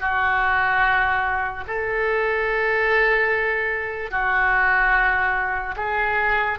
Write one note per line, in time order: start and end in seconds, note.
0.00 1.64 F#4
1.67 4.11 A4
4.11 5.75 F#4
5.76 6.59 G#4